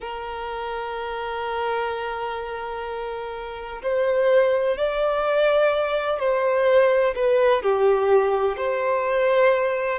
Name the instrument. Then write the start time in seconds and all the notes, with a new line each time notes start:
violin
0.00 A#4
3.82 C5
4.77 D5
6.19 C5
7.15 B4
7.62 G4
8.57 C5